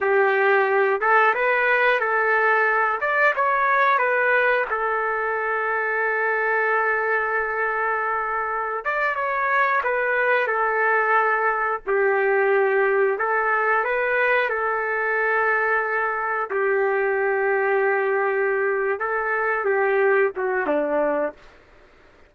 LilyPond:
\new Staff \with { instrumentName = "trumpet" } { \time 4/4 \tempo 4 = 90 g'4. a'8 b'4 a'4~ | a'8 d''8 cis''4 b'4 a'4~ | a'1~ | a'4~ a'16 d''8 cis''4 b'4 a'16~ |
a'4.~ a'16 g'2 a'16~ | a'8. b'4 a'2~ a'16~ | a'8. g'2.~ g'16~ | g'8 a'4 g'4 fis'8 d'4 | }